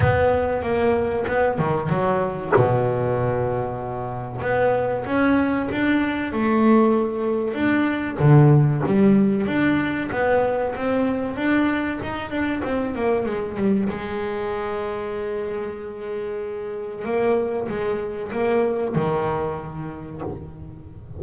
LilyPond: \new Staff \with { instrumentName = "double bass" } { \time 4/4 \tempo 4 = 95 b4 ais4 b8 dis8 fis4 | b,2. b4 | cis'4 d'4 a2 | d'4 d4 g4 d'4 |
b4 c'4 d'4 dis'8 d'8 | c'8 ais8 gis8 g8 gis2~ | gis2. ais4 | gis4 ais4 dis2 | }